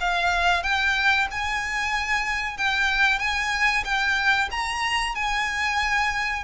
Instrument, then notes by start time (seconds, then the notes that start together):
violin
0.00 F5
0.62 G5
1.30 G#5
2.57 G5
3.19 G#5
3.84 G5
4.51 A#5
5.15 G#5